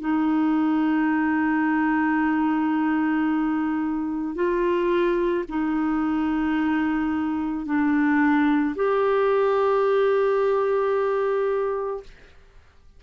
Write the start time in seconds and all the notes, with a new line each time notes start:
0.00 D#4
4.35 F4
5.48 D#4
7.66 D4
8.75 G4